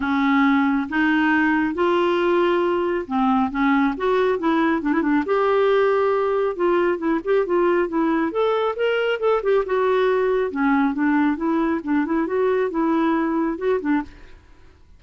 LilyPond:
\new Staff \with { instrumentName = "clarinet" } { \time 4/4 \tempo 4 = 137 cis'2 dis'2 | f'2. c'4 | cis'4 fis'4 e'4 d'16 e'16 d'8 | g'2. f'4 |
e'8 g'8 f'4 e'4 a'4 | ais'4 a'8 g'8 fis'2 | cis'4 d'4 e'4 d'8 e'8 | fis'4 e'2 fis'8 d'8 | }